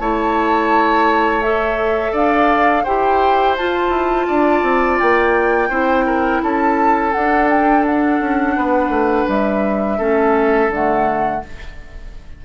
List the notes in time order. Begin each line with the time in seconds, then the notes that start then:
0.00 A3 E4 C#5 A5
1.42 A4 E5
2.12 D4 D5 F5
2.84 E4 G4 C5 G5
3.57 F4 A5
3.89 E4
4.28 D4 D5
4.63 C4
4.99 A#3 G5
5.69 C4 E4 C5
6.06 A#4
6.43 C#4 A4 A5
7.12 D4 F#5
7.50 G5
7.86 F#5
8.21 C#4
8.57 B3 B4
8.89 A3
9.28 G3 E5
9.98 A3 C#4 A4
10.69 D3 A3 F#5